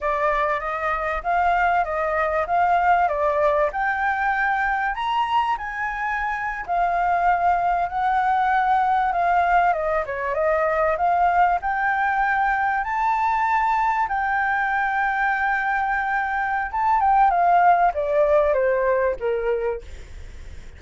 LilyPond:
\new Staff \with { instrumentName = "flute" } { \time 4/4 \tempo 4 = 97 d''4 dis''4 f''4 dis''4 | f''4 d''4 g''2 | ais''4 gis''4.~ gis''16 f''4~ f''16~ | f''8. fis''2 f''4 dis''16~ |
dis''16 cis''8 dis''4 f''4 g''4~ g''16~ | g''8. a''2 g''4~ g''16~ | g''2. a''8 g''8 | f''4 d''4 c''4 ais'4 | }